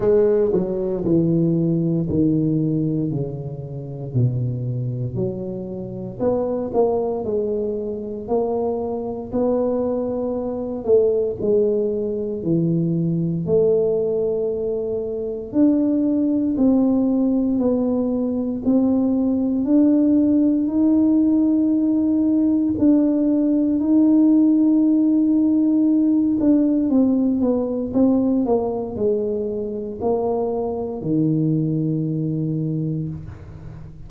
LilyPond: \new Staff \with { instrumentName = "tuba" } { \time 4/4 \tempo 4 = 58 gis8 fis8 e4 dis4 cis4 | b,4 fis4 b8 ais8 gis4 | ais4 b4. a8 gis4 | e4 a2 d'4 |
c'4 b4 c'4 d'4 | dis'2 d'4 dis'4~ | dis'4. d'8 c'8 b8 c'8 ais8 | gis4 ais4 dis2 | }